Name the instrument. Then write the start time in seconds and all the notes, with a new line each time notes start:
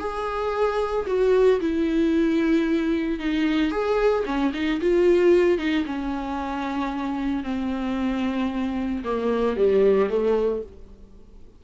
viola
0.00 G#4
1.07 F#4
1.61 E4
3.20 D#4
3.71 G#4
4.26 C#4
4.54 D#4
4.81 F4
5.59 D#4
5.86 C#4
7.44 C4
9.05 A#3
9.57 G3
10.10 A3